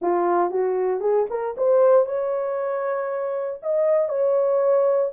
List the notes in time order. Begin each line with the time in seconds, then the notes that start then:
0.01 F4
0.50 F#4
1.00 G#4
1.30 A#4
1.57 C5
2.06 C#5
3.62 D#5
4.08 C#5